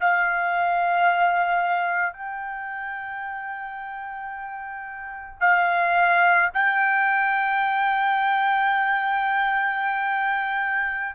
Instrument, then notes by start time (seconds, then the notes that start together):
trumpet
0.00 F5
2.13 G5
5.40 F5
6.54 G5